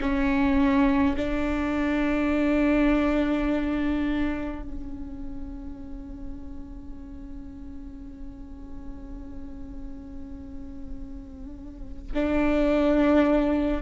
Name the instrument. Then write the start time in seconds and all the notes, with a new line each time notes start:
viola
0.00 C#4
1.16 D4
4.63 C#4
12.14 D4